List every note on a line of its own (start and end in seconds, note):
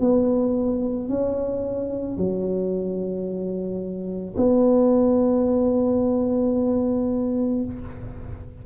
0.00 1.09 B3
1.09 2.18 C#4
2.18 4.36 F#3
4.37 7.65 B3